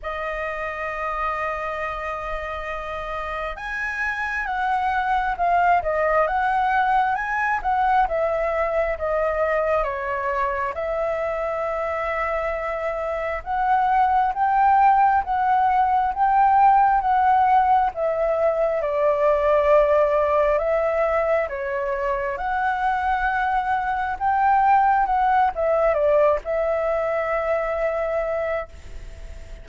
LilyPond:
\new Staff \with { instrumentName = "flute" } { \time 4/4 \tempo 4 = 67 dis''1 | gis''4 fis''4 f''8 dis''8 fis''4 | gis''8 fis''8 e''4 dis''4 cis''4 | e''2. fis''4 |
g''4 fis''4 g''4 fis''4 | e''4 d''2 e''4 | cis''4 fis''2 g''4 | fis''8 e''8 d''8 e''2~ e''8 | }